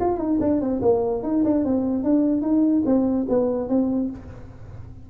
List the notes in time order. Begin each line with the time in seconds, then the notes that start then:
0.00 F4
0.18 D#4
0.41 D4
0.61 C4
0.82 A#3
1.23 D#4
1.45 D4
1.65 C4
2.04 D4
2.42 D#4
2.86 C4
3.29 B3
3.69 C4